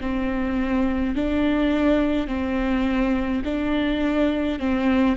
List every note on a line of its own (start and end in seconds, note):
0.00 1.15 C4
1.15 2.27 D4
2.27 3.42 C4
3.44 4.59 D4
4.59 5.17 C4